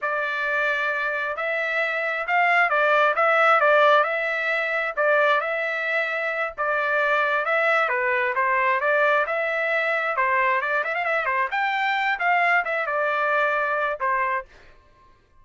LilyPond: \new Staff \with { instrumentName = "trumpet" } { \time 4/4 \tempo 4 = 133 d''2. e''4~ | e''4 f''4 d''4 e''4 | d''4 e''2 d''4 | e''2~ e''8 d''4.~ |
d''8 e''4 b'4 c''4 d''8~ | d''8 e''2 c''4 d''8 | e''16 f''16 e''8 c''8 g''4. f''4 | e''8 d''2~ d''8 c''4 | }